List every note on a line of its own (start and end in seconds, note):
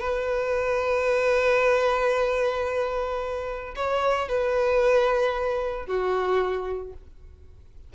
0.00 3.75 B4
3.76 4.29 C#5
4.29 5.86 B4
5.86 6.94 F#4